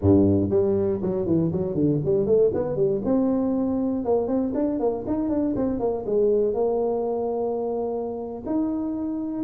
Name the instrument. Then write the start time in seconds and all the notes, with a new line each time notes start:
tuba
0.01 G2
0.50 G3
1.02 F#3
1.26 E3
1.51 F#3
1.74 D3
2.04 G3
2.26 A3
2.53 B3
2.76 G3
3.04 C4
4.05 A#3
4.27 C4
4.54 D4
4.79 A#3
5.06 D#4
5.29 D4
5.56 C4
5.79 A#3
6.05 G#3
6.54 A#3
8.46 D#4